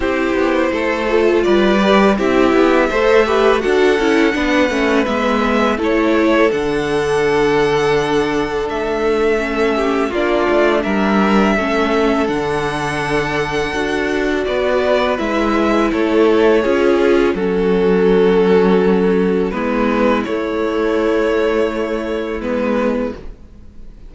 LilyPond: <<
  \new Staff \with { instrumentName = "violin" } { \time 4/4 \tempo 4 = 83 c''2 d''4 e''4~ | e''4 fis''2 e''4 | cis''4 fis''2. | e''2 d''4 e''4~ |
e''4 fis''2. | d''4 e''4 cis''2 | a'2. b'4 | cis''2. b'4 | }
  \new Staff \with { instrumentName = "violin" } { \time 4/4 g'4 a'4 b'4 g'4 | c''8 b'8 a'4 b'2 | a'1~ | a'4. g'8 f'4 ais'4 |
a'1 | b'2 a'4 gis'4 | fis'2. e'4~ | e'1 | }
  \new Staff \with { instrumentName = "viola" } { \time 4/4 e'4. f'4 g'8 e'4 | a'8 g'8 fis'8 e'8 d'8 cis'8 b4 | e'4 d'2.~ | d'4 cis'4 d'2 |
cis'4 d'2 fis'4~ | fis'4 e'2 f'4 | cis'2. b4 | a2. b4 | }
  \new Staff \with { instrumentName = "cello" } { \time 4/4 c'8 b8 a4 g4 c'8 b8 | a4 d'8 cis'8 b8 a8 gis4 | a4 d2. | a2 ais8 a8 g4 |
a4 d2 d'4 | b4 gis4 a4 cis'4 | fis2. gis4 | a2. gis4 | }
>>